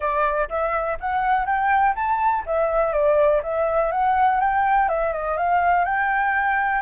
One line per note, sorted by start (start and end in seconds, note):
0.00 0.48 D5
0.49 0.98 E5
1.00 1.46 F#5
1.46 1.94 G5
1.95 2.44 A5
2.45 2.92 E5
2.92 3.41 D5
3.42 3.91 E5
3.91 4.40 F#5
4.40 4.88 G5
4.88 5.12 E5
5.12 5.37 D#5
5.37 5.84 F5
5.84 6.81 G5